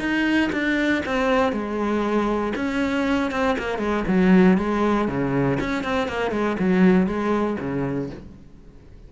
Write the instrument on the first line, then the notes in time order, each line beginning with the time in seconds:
cello
0.00 D#4
0.53 D4
1.06 C4
1.53 G#3
2.56 C#4
3.32 C4
3.59 A#3
3.79 G#3
4.08 F#3
4.58 G#3
5.09 C#3
5.60 C#4
5.84 C4
6.09 A#3
6.32 G#3
6.60 F#3
7.07 G#3
7.60 C#3